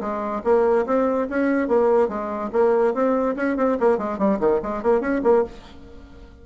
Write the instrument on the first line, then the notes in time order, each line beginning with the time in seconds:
bassoon
0.00 G#3
0.44 A#3
0.86 C4
1.29 C#4
1.68 A#3
2.08 G#3
2.52 A#3
2.94 C4
3.36 C#4
3.57 C4
3.80 A#3
3.98 G#3
4.18 G3
4.39 D#3
4.62 G#3
4.83 A#3
5.01 C#4
5.23 A#3